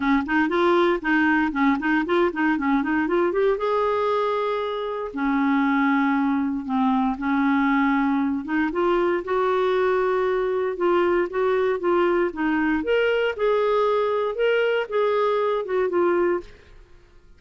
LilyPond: \new Staff \with { instrumentName = "clarinet" } { \time 4/4 \tempo 4 = 117 cis'8 dis'8 f'4 dis'4 cis'8 dis'8 | f'8 dis'8 cis'8 dis'8 f'8 g'8 gis'4~ | gis'2 cis'2~ | cis'4 c'4 cis'2~ |
cis'8 dis'8 f'4 fis'2~ | fis'4 f'4 fis'4 f'4 | dis'4 ais'4 gis'2 | ais'4 gis'4. fis'8 f'4 | }